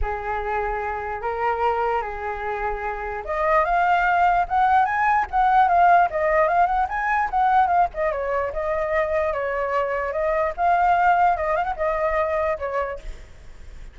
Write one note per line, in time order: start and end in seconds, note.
0.01 1.21 G#4
1.21 2.01 A#4
2.01 3.23 G#4
3.25 3.64 D#5
3.64 4.46 F5
4.48 4.85 F#5
4.85 5.25 G#5
5.31 5.68 F#5
5.68 6.08 F5
6.10 6.48 D#5
6.48 6.66 F5
6.66 6.86 F#5
6.88 7.29 G#5
7.30 7.67 F#5
7.67 7.87 F5
7.93 8.12 D#5
8.12 8.52 C#5
8.52 9.33 D#5
9.33 10.12 C#5
10.12 10.53 D#5
10.57 11.36 F5
11.36 11.56 D#5
11.56 11.64 F5
11.64 11.74 F#5
11.76 12.57 D#5
12.58 12.99 C#5